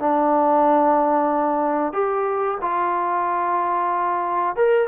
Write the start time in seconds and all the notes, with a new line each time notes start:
0.00 D4
1.93 G4
2.61 F4
4.57 A#4